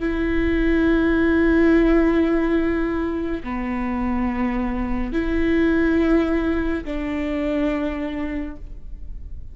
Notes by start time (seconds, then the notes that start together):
0.00 E4
3.44 B3
5.13 E4
6.85 D4